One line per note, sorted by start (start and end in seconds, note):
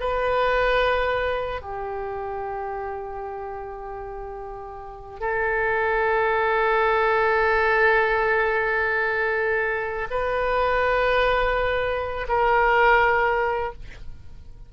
0.00 1.61 B4
1.61 5.20 G4
5.20 10.08 A4
10.10 12.27 B4
12.28 13.73 A#4